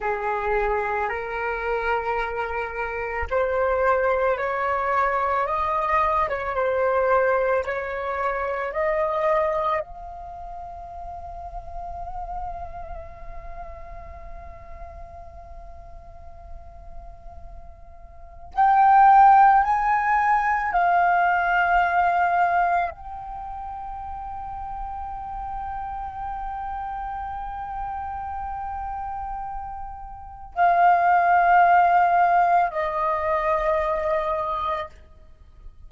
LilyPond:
\new Staff \with { instrumentName = "flute" } { \time 4/4 \tempo 4 = 55 gis'4 ais'2 c''4 | cis''4 dis''8. cis''16 c''4 cis''4 | dis''4 f''2.~ | f''1~ |
f''4 g''4 gis''4 f''4~ | f''4 g''2.~ | g''1 | f''2 dis''2 | }